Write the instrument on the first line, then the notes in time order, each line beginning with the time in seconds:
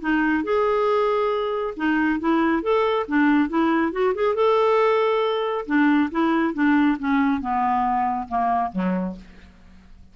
clarinet
0.00 D#4
0.43 G#4
1.76 D#4
2.19 E4
2.62 A4
3.08 D4
3.49 E4
3.92 F#4
4.14 G#4
4.35 A4
5.66 D4
6.11 E4
6.54 D4
6.99 C#4
7.41 B3
8.28 A#3
8.72 F#3